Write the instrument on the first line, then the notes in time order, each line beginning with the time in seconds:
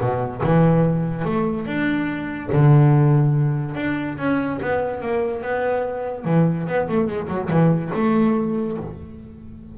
double bass
0.00 B2
0.43 E3
1.24 A3
1.66 D4
2.52 D3
3.75 D4
4.17 C#4
4.61 B3
5.02 A#3
5.42 B3
6.25 E3
6.67 B3
6.88 A3
7.07 G#3
7.28 F#3
7.50 E3
7.94 A3